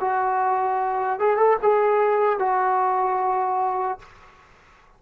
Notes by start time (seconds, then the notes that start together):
0.00 F#4
1.19 G#4
1.37 A4
1.62 G#4
2.39 F#4